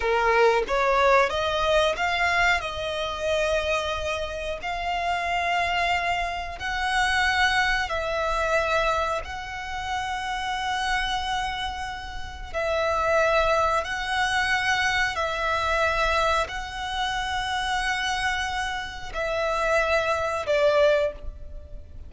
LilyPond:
\new Staff \with { instrumentName = "violin" } { \time 4/4 \tempo 4 = 91 ais'4 cis''4 dis''4 f''4 | dis''2. f''4~ | f''2 fis''2 | e''2 fis''2~ |
fis''2. e''4~ | e''4 fis''2 e''4~ | e''4 fis''2.~ | fis''4 e''2 d''4 | }